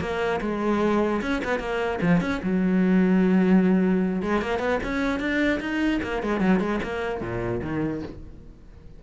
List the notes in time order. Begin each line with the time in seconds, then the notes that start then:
0.00 A#3
0.41 G#3
1.21 C#4
1.44 B3
1.59 A#3
2.01 F3
2.20 C#4
2.43 F#3
4.22 G#3
4.41 A#3
4.59 B3
4.83 C#4
5.19 D4
5.60 D#4
6.02 A#3
6.22 G#3
6.40 F#3
6.59 G#3
6.83 A#3
7.21 A#2
7.62 D#3